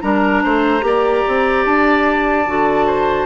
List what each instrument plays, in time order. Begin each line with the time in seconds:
0.00 bassoon G3, clarinet D4, oboe A#4, flute A#5
0.43 bassoon A3, oboe C5
0.80 bassoon A#3, clarinet G4, oboe D5
1.27 bassoon C4
1.65 bassoon D4, flute A5
2.46 bassoon D3, clarinet F#4
2.86 oboe C5